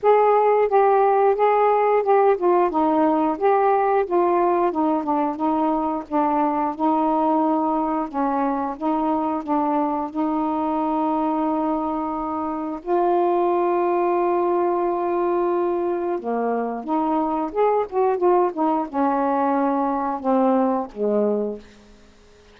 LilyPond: \new Staff \with { instrumentName = "saxophone" } { \time 4/4 \tempo 4 = 89 gis'4 g'4 gis'4 g'8 f'8 | dis'4 g'4 f'4 dis'8 d'8 | dis'4 d'4 dis'2 | cis'4 dis'4 d'4 dis'4~ |
dis'2. f'4~ | f'1 | ais4 dis'4 gis'8 fis'8 f'8 dis'8 | cis'2 c'4 gis4 | }